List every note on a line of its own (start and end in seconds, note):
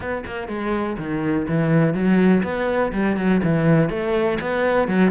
0.00 0.24 B3
0.25 0.48 A#3
0.48 0.96 G#3
0.98 1.46 D#3
1.48 1.94 E3
1.94 2.42 F#3
2.43 2.91 B3
2.92 3.16 G3
3.16 3.41 F#3
3.43 3.89 E3
3.89 4.38 A3
4.40 4.88 B3
4.88 5.11 F#3